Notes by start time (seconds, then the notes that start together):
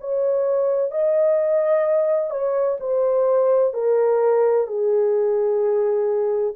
0.00 C#5
0.91 D#5
2.30 C#5
2.80 C5
3.73 A#4
4.67 G#4